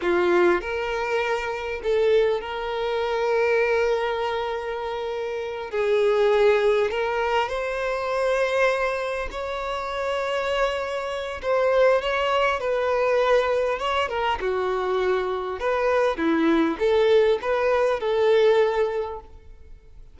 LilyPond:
\new Staff \with { instrumentName = "violin" } { \time 4/4 \tempo 4 = 100 f'4 ais'2 a'4 | ais'1~ | ais'4. gis'2 ais'8~ | ais'8 c''2. cis''8~ |
cis''2. c''4 | cis''4 b'2 cis''8 ais'8 | fis'2 b'4 e'4 | a'4 b'4 a'2 | }